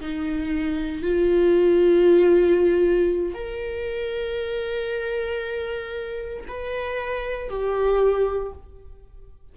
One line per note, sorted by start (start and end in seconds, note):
0.00 1.02 D#4
1.02 3.34 F4
3.34 6.44 A#4
6.47 7.49 B4
7.49 8.53 G4